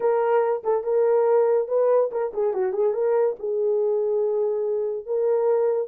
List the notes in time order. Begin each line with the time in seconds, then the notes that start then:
0.00 A#4
0.63 A4
0.83 A#4
1.68 B4
2.11 A#4
2.33 G#4
2.53 F#4
2.72 G#4
2.93 A#4
3.39 G#4
5.06 A#4